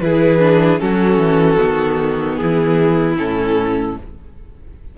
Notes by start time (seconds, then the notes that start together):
0.00 E3 E4 G#4 B4
0.39 D4
0.79 F#3 C#4 F#4 A4
1.18 E3
1.58 D#3 B3
2.35 E3 E4 G#4
3.18 A2 C#4 A4